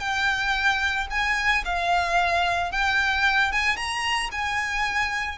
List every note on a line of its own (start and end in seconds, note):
0.00 1.07 G5
1.10 1.64 G#5
1.65 2.72 F5
2.72 3.52 G5
3.52 3.76 G#5
3.76 4.30 A#5
4.32 5.38 G#5